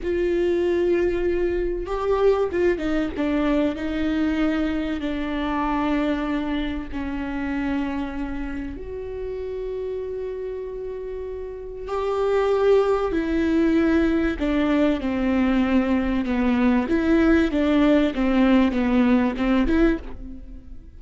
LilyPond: \new Staff \with { instrumentName = "viola" } { \time 4/4 \tempo 4 = 96 f'2. g'4 | f'8 dis'8 d'4 dis'2 | d'2. cis'4~ | cis'2 fis'2~ |
fis'2. g'4~ | g'4 e'2 d'4 | c'2 b4 e'4 | d'4 c'4 b4 c'8 e'8 | }